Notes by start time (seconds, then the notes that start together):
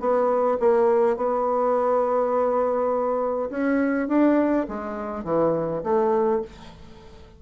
0.00 B3
0.60 A#3
1.17 B3
3.51 C#4
4.09 D4
4.68 G#3
5.25 E3
5.84 A3